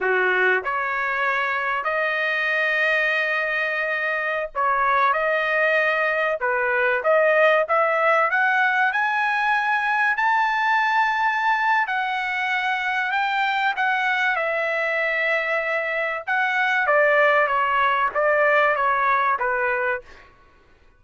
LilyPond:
\new Staff \with { instrumentName = "trumpet" } { \time 4/4 \tempo 4 = 96 fis'4 cis''2 dis''4~ | dis''2.~ dis''16 cis''8.~ | cis''16 dis''2 b'4 dis''8.~ | dis''16 e''4 fis''4 gis''4.~ gis''16~ |
gis''16 a''2~ a''8. fis''4~ | fis''4 g''4 fis''4 e''4~ | e''2 fis''4 d''4 | cis''4 d''4 cis''4 b'4 | }